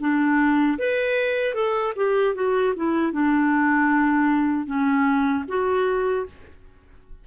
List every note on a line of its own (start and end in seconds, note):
0.00 0.78 D4
0.79 1.54 B4
1.54 1.93 A4
1.96 2.35 G4
2.35 2.74 F#4
2.76 3.12 E4
3.12 4.66 D4
4.66 5.44 C#4
5.48 6.26 F#4